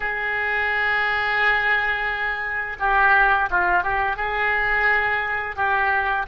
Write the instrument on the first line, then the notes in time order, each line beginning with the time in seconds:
oboe
0.00 G#4
2.79 G4
3.50 F4
3.83 G4
4.16 G#4
5.56 G4